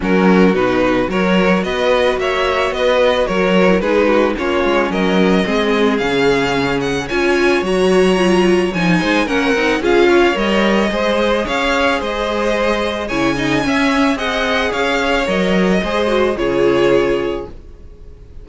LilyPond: <<
  \new Staff \with { instrumentName = "violin" } { \time 4/4 \tempo 4 = 110 ais'4 b'4 cis''4 dis''4 | e''4 dis''4 cis''4 b'4 | cis''4 dis''2 f''4~ | f''8 fis''8 gis''4 ais''2 |
gis''4 fis''4 f''4 dis''4~ | dis''4 f''4 dis''2 | gis''2 fis''4 f''4 | dis''2 cis''2 | }
  \new Staff \with { instrumentName = "violin" } { \time 4/4 fis'2 ais'4 b'4 | cis''4 b'4 ais'4 gis'8 fis'8 | f'4 ais'4 gis'2~ | gis'4 cis''2.~ |
cis''8 c''8 ais'4 gis'8 cis''4. | c''4 cis''4 c''2 | cis''8 dis''8 e''4 dis''4 cis''4~ | cis''4 c''4 gis'2 | }
  \new Staff \with { instrumentName = "viola" } { \time 4/4 cis'4 dis'4 fis'2~ | fis'2~ fis'8. e'16 dis'4 | cis'2 c'4 cis'4~ | cis'4 f'4 fis'4 f'4 |
dis'4 cis'8 dis'8 f'4 ais'4 | gis'1 | e'8 dis'8 cis'4 gis'2 | ais'4 gis'8 fis'8 f'2 | }
  \new Staff \with { instrumentName = "cello" } { \time 4/4 fis4 b,4 fis4 b4 | ais4 b4 fis4 gis4 | ais8 gis8 fis4 gis4 cis4~ | cis4 cis'4 fis2 |
f8 gis8 ais8 c'8 cis'4 g4 | gis4 cis'4 gis2 | cis4 cis'4 c'4 cis'4 | fis4 gis4 cis2 | }
>>